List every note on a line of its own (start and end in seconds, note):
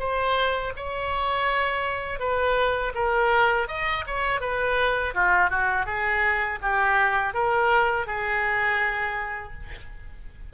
0.00 0.73 C5
0.76 2.20 C#5
2.20 2.93 B4
2.95 3.68 A#4
3.68 4.05 D#5
4.07 4.41 C#5
4.41 5.14 B4
5.15 5.50 F4
5.50 5.86 F#4
5.86 6.59 G#4
6.62 7.34 G4
7.34 8.07 A#4
8.07 9.53 G#4